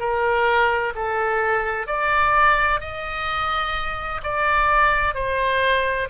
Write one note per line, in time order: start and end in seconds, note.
0.00 0.94 A#4
0.95 1.87 A4
1.87 2.81 D5
2.81 4.21 D#5
4.24 5.15 D5
5.15 6.09 C5